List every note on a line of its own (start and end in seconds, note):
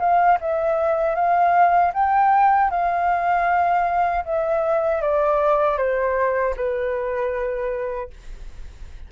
0.00 0.38 F5
0.41 1.16 E5
1.16 1.93 F5
1.94 2.71 G5
2.71 4.25 F5
4.26 5.02 E5
5.02 5.78 D5
5.78 6.55 C5
6.57 8.10 B4